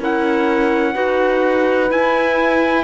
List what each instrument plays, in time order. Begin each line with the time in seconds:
0.00 cello C#4, clarinet E4, horn A#4, trumpet F#5
0.94 cello D#4, clarinet F#4, horn B4
1.89 clarinet E4, cello E4, trumpet G#5